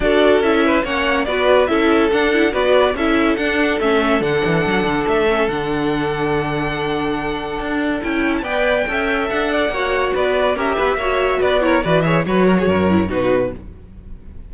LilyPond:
<<
  \new Staff \with { instrumentName = "violin" } { \time 4/4 \tempo 4 = 142 d''4 e''4 fis''4 d''4 | e''4 fis''4 d''4 e''4 | fis''4 e''4 fis''2 | e''4 fis''2.~ |
fis''2. g''8. a''16 | g''2 fis''2 | d''4 e''2 d''8 cis''8 | d''8 e''8 cis''2 b'4 | }
  \new Staff \with { instrumentName = "violin" } { \time 4/4 a'4. b'8 cis''4 b'4 | a'2 b'4 a'4~ | a'1~ | a'1~ |
a'1 | d''4 e''4. d''8 cis''4 | b'4 ais'8 b'8 cis''4 b'8 ais'8 | b'8 cis''8 b'8 ais'16 gis'16 ais'4 fis'4 | }
  \new Staff \with { instrumentName = "viola" } { \time 4/4 fis'4 e'4 cis'4 fis'4 | e'4 d'8 e'8 fis'4 e'4 | d'4 cis'4 d'2~ | d'8 cis'8 d'2.~ |
d'2. e'4 | b'4 a'2 fis'4~ | fis'4 g'4 fis'4. e'8 | fis'8 gis'8 fis'4. e'8 dis'4 | }
  \new Staff \with { instrumentName = "cello" } { \time 4/4 d'4 cis'4 ais4 b4 | cis'4 d'4 b4 cis'4 | d'4 a4 d8 e8 fis8 d8 | a4 d2.~ |
d2 d'4 cis'4 | b4 cis'4 d'4 ais4 | b4 cis'8 b8 ais4 b4 | e4 fis4 fis,4 b,4 | }
>>